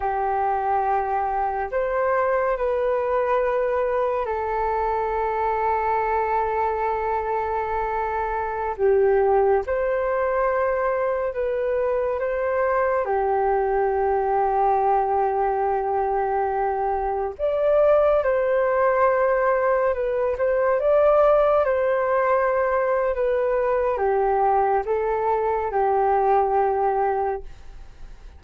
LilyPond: \new Staff \with { instrumentName = "flute" } { \time 4/4 \tempo 4 = 70 g'2 c''4 b'4~ | b'4 a'2.~ | a'2~ a'16 g'4 c''8.~ | c''4~ c''16 b'4 c''4 g'8.~ |
g'1~ | g'16 d''4 c''2 b'8 c''16~ | c''16 d''4 c''4.~ c''16 b'4 | g'4 a'4 g'2 | }